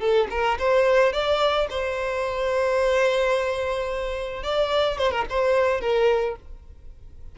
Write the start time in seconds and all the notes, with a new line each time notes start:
0.00 A4
0.30 A#4
0.59 C5
1.13 D5
1.70 C5
4.43 D5
4.98 C5
5.11 A#4
5.29 C5
5.81 A#4